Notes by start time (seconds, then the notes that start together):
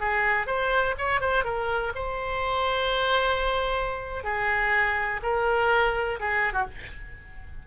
0.00 G#4
0.47 C5
0.98 C#5
1.21 C5
1.45 A#4
1.95 C5
4.24 G#4
5.23 A#4
6.20 G#4
6.53 F#4